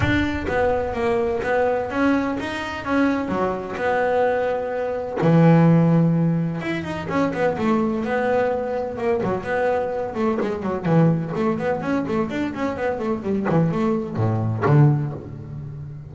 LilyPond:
\new Staff \with { instrumentName = "double bass" } { \time 4/4 \tempo 4 = 127 d'4 b4 ais4 b4 | cis'4 dis'4 cis'4 fis4 | b2. e4~ | e2 e'8 dis'8 cis'8 b8 |
a4 b2 ais8 fis8 | b4. a8 gis8 fis8 e4 | a8 b8 cis'8 a8 d'8 cis'8 b8 a8 | g8 e8 a4 a,4 d4 | }